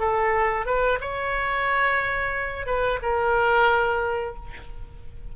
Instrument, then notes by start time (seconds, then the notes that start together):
oboe
0.00 A4
0.66 B4
1.01 C#5
2.67 B4
3.03 A#4